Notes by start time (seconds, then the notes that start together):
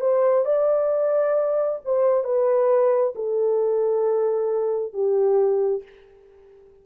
0.00 C5
0.45 D5
1.84 C5
2.23 B4
3.15 A4
4.93 G4